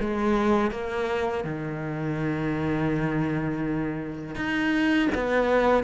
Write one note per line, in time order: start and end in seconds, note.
0.00 0.71 G#3
0.71 1.44 A#3
1.44 4.35 D#3
4.35 5.09 D#4
5.14 5.83 B3